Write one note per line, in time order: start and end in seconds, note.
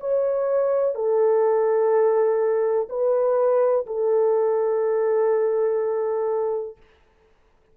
0.00 0.95 C#5
0.95 2.89 A4
2.89 3.86 B4
3.87 6.77 A4